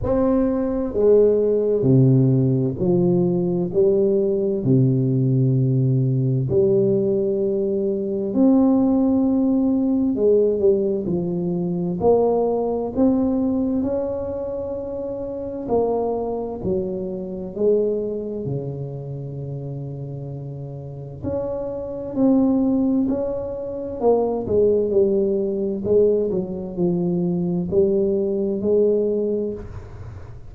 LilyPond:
\new Staff \with { instrumentName = "tuba" } { \time 4/4 \tempo 4 = 65 c'4 gis4 c4 f4 | g4 c2 g4~ | g4 c'2 gis8 g8 | f4 ais4 c'4 cis'4~ |
cis'4 ais4 fis4 gis4 | cis2. cis'4 | c'4 cis'4 ais8 gis8 g4 | gis8 fis8 f4 g4 gis4 | }